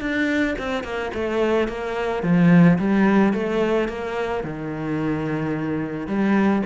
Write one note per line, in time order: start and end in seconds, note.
0.00 0.55 D4
0.58 0.83 C4
0.83 1.11 A#3
1.14 1.68 A3
1.68 2.23 A#3
2.23 2.78 F3
2.78 3.33 G3
3.33 3.88 A3
3.88 4.43 A#3
4.43 6.07 D#3
6.07 6.62 G3